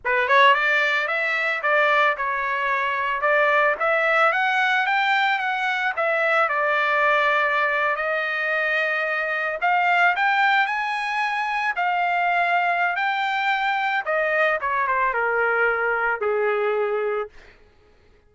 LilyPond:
\new Staff \with { instrumentName = "trumpet" } { \time 4/4 \tempo 4 = 111 b'8 cis''8 d''4 e''4 d''4 | cis''2 d''4 e''4 | fis''4 g''4 fis''4 e''4 | d''2~ d''8. dis''4~ dis''16~ |
dis''4.~ dis''16 f''4 g''4 gis''16~ | gis''4.~ gis''16 f''2~ f''16 | g''2 dis''4 cis''8 c''8 | ais'2 gis'2 | }